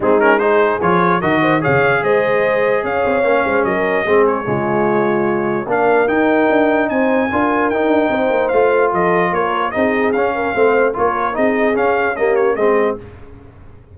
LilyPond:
<<
  \new Staff \with { instrumentName = "trumpet" } { \time 4/4 \tempo 4 = 148 gis'8 ais'8 c''4 cis''4 dis''4 | f''4 dis''2 f''4~ | f''4 dis''4. cis''4.~ | cis''2 f''4 g''4~ |
g''4 gis''2 g''4~ | g''4 f''4 dis''4 cis''4 | dis''4 f''2 cis''4 | dis''4 f''4 dis''8 cis''8 dis''4 | }
  \new Staff \with { instrumentName = "horn" } { \time 4/4 dis'4 gis'2 ais'8 c''8 | cis''4 c''2 cis''4~ | cis''8 c''8 ais'4 gis'4 f'4~ | f'2 ais'2~ |
ais'4 c''4 ais'2 | c''2 a'4 ais'4 | gis'4. ais'8 c''4 ais'4 | gis'2 g'4 gis'4 | }
  \new Staff \with { instrumentName = "trombone" } { \time 4/4 c'8 cis'8 dis'4 f'4 fis'4 | gis'1 | cis'2 c'4 gis4~ | gis2 d'4 dis'4~ |
dis'2 f'4 dis'4~ | dis'4 f'2. | dis'4 cis'4 c'4 f'4 | dis'4 cis'4 ais4 c'4 | }
  \new Staff \with { instrumentName = "tuba" } { \time 4/4 gis2 f4 dis4 | cis4 gis2 cis'8 c'8 | ais8 gis8 fis4 gis4 cis4~ | cis2 ais4 dis'4 |
d'4 c'4 d'4 dis'8 d'8 | c'8 ais8 a4 f4 ais4 | c'4 cis'4 a4 ais4 | c'4 cis'2 gis4 | }
>>